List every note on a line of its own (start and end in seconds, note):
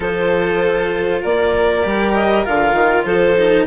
0.00 1.21 F3
0.00 1.82 F4
0.00 1.21 A4
0.00 1.23 C5
1.21 1.85 A#3
1.21 3.05 A#4
1.21 2.14 D5
1.83 2.46 G3
1.83 2.44 G4
2.14 2.44 D#5
2.44 2.73 D3
2.44 3.36 F4
2.44 3.04 F5
2.73 3.03 D#3
3.04 3.65 F3
3.04 3.66 A4
3.04 3.65 C5
3.37 3.66 D#4